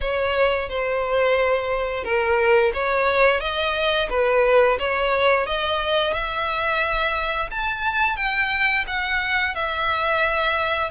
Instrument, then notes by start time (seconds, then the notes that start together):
violin
0.01 C#5
0.69 C5
2.04 A#4
2.73 C#5
3.40 D#5
4.09 B4
4.79 C#5
5.46 D#5
6.13 E5
7.51 A5
8.16 G5
8.87 F#5
9.55 E5